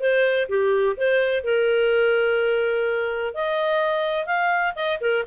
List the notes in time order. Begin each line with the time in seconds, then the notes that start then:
0.00 C5
0.49 G4
0.97 C5
1.44 A#4
3.34 D#5
4.26 F5
4.76 D#5
5.01 A#4